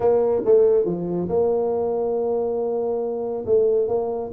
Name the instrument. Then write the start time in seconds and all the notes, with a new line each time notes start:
tuba
0.00 A#3
0.45 A3
0.85 F3
1.28 A#3
3.46 A3
3.88 A#3